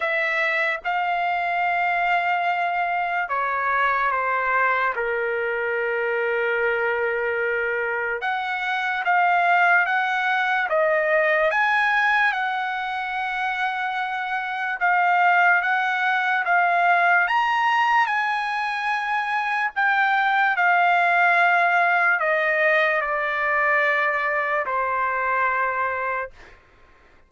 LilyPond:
\new Staff \with { instrumentName = "trumpet" } { \time 4/4 \tempo 4 = 73 e''4 f''2. | cis''4 c''4 ais'2~ | ais'2 fis''4 f''4 | fis''4 dis''4 gis''4 fis''4~ |
fis''2 f''4 fis''4 | f''4 ais''4 gis''2 | g''4 f''2 dis''4 | d''2 c''2 | }